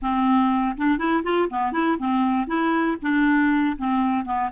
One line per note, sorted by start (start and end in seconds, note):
0.01 0.76 C4
0.77 0.98 D4
0.98 1.23 E4
1.23 1.48 F4
1.50 1.72 B3
1.72 1.97 E4
1.99 2.47 C4
2.47 2.97 E4
3.02 3.77 D4
3.78 4.25 C4
4.25 4.50 B3